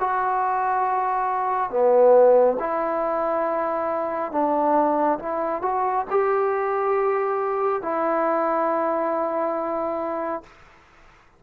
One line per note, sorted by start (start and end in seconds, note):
0.00 1.70 F#4
1.70 2.57 B3
2.59 4.32 E4
4.32 5.19 D4
5.19 5.62 E4
5.62 6.05 F#4
6.10 7.82 G4
7.82 10.43 E4